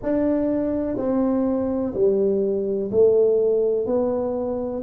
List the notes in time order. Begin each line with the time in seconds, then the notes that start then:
0.02 D4
0.97 C4
1.94 G3
2.91 A3
3.86 B3